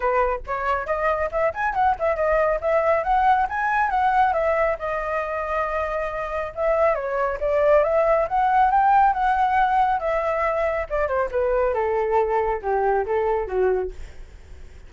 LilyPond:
\new Staff \with { instrumentName = "flute" } { \time 4/4 \tempo 4 = 138 b'4 cis''4 dis''4 e''8 gis''8 | fis''8 e''8 dis''4 e''4 fis''4 | gis''4 fis''4 e''4 dis''4~ | dis''2. e''4 |
cis''4 d''4 e''4 fis''4 | g''4 fis''2 e''4~ | e''4 d''8 c''8 b'4 a'4~ | a'4 g'4 a'4 fis'4 | }